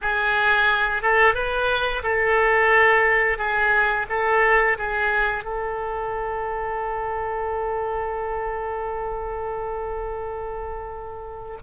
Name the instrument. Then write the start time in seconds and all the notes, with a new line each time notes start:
oboe
0.01 G#4
1.02 A4
1.34 B4
2.03 A4
3.37 G#4
4.09 A4
4.77 G#4
5.44 A4